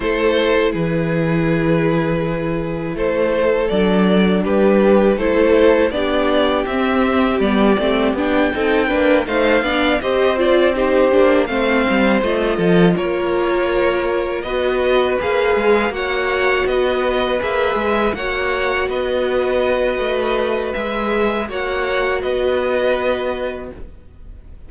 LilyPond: <<
  \new Staff \with { instrumentName = "violin" } { \time 4/4 \tempo 4 = 81 c''4 b'2. | c''4 d''4 b'4 c''4 | d''4 e''4 d''4 g''4~ | g''8 f''4 dis''8 d''8 c''4 f''8~ |
f''8 dis''4 cis''2 dis''8~ | dis''8 f''4 fis''4 dis''4 e''8~ | e''8 fis''4 dis''2~ dis''8 | e''4 fis''4 dis''2 | }
  \new Staff \with { instrumentName = "violin" } { \time 4/4 a'4 gis'2. | a'2 g'4 a'4 | g'2.~ g'8 a'8 | b'8 c''8 d''8 c''4 g'4 c''8~ |
c''4 a'8 ais'2 b'8~ | b'4. cis''4 b'4.~ | b'8 cis''4 b'2~ b'8~ | b'4 cis''4 b'2 | }
  \new Staff \with { instrumentName = "viola" } { \time 4/4 e'1~ | e'4 d'2 e'4 | d'4 c'4 b8 c'8 d'8 dis'8 | d'8 dis'8 d'8 g'8 f'8 dis'8 d'8 c'8~ |
c'8 f'2. fis'8~ | fis'8 gis'4 fis'2 gis'8~ | gis'8 fis'2.~ fis'8 | gis'4 fis'2. | }
  \new Staff \with { instrumentName = "cello" } { \time 4/4 a4 e2. | a4 fis4 g4 a4 | b4 c'4 g8 a8 b8 c'8 | ais8 a8 b8 c'4. ais8 a8 |
g8 a8 f8 ais2 b8~ | b8 ais8 gis8 ais4 b4 ais8 | gis8 ais4 b4. a4 | gis4 ais4 b2 | }
>>